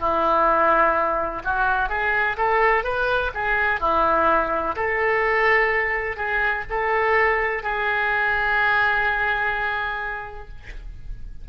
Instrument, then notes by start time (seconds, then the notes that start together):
oboe
0.00 E4
1.45 F#4
1.89 G#4
2.37 A4
2.84 B4
3.34 G#4
3.81 E4
4.76 A4
6.16 G#4
6.70 A4
7.63 G#4